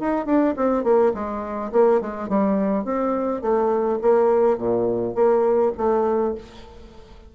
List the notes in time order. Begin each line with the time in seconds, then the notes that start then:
0.00 D#4
0.26 D4
0.57 C4
0.84 A#3
1.15 G#3
1.73 A#3
2.01 G#3
2.29 G3
2.85 C4
3.42 A3
4.02 A#3
4.58 A#2
5.15 A#3
5.77 A3